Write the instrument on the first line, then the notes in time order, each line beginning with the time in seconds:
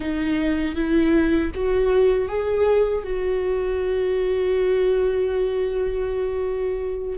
viola
0.00 D#4
0.75 E4
1.54 F#4
2.28 G#4
3.03 F#4